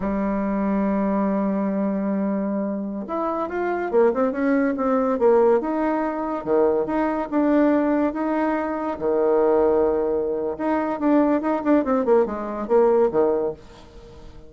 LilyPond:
\new Staff \with { instrumentName = "bassoon" } { \time 4/4 \tempo 4 = 142 g1~ | g2.~ g16 e'8.~ | e'16 f'4 ais8 c'8 cis'4 c'8.~ | c'16 ais4 dis'2 dis8.~ |
dis16 dis'4 d'2 dis'8.~ | dis'4~ dis'16 dis2~ dis8.~ | dis4 dis'4 d'4 dis'8 d'8 | c'8 ais8 gis4 ais4 dis4 | }